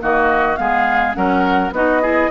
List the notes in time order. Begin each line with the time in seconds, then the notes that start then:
0.00 D#3 A#3 F#4 D#5
0.56 G#3 B3 G#4 F5
1.13 F#3 C#4 A#4 F#5
1.71 B3 D#4 F#4 D#5
2.02 E4 G#4